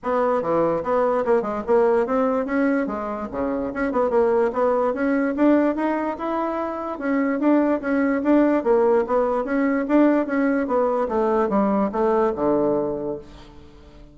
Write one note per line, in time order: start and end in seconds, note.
0.03 0.41 B3
0.41 0.83 E3
0.83 1.24 B3
1.25 1.42 A#3
1.42 1.62 G#3
1.66 2.06 A#3
2.06 2.45 C4
2.45 2.86 C#4
2.86 3.27 G#3
3.31 3.72 C#3
3.73 3.92 C#4
3.92 4.10 B3
4.10 4.51 A#3
4.53 4.93 B3
4.93 5.34 C#4
5.36 5.75 D4
5.75 6.16 D#4
6.18 6.98 E4
6.98 7.39 C#4
7.39 7.80 D4
7.81 8.22 C#4
8.23 8.63 D4
8.63 9.04 A#3
9.06 9.44 B3
9.44 9.85 C#4
9.87 10.26 D4
10.26 10.67 C#4
10.67 11.08 B3
11.08 11.49 A3
11.49 11.90 G3
11.91 12.33 A3
12.35 13.17 D3